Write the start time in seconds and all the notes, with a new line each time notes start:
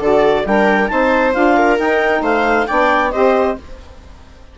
0.00 D3 F#4 A4 D5
0.45 G3 D4 A#4 G5
0.88 C4 D#4 C5 A5
1.33 D4 F4 F5
1.57 A#4
1.79 D#4 G5
2.22 A3 C5 F5
2.67 B3 D4 D5 G5
3.11 C4 G4 C5 D#5